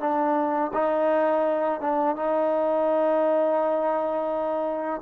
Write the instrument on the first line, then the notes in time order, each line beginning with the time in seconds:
trombone
0.00 D4
0.73 D#4
1.81 D4
2.16 D#4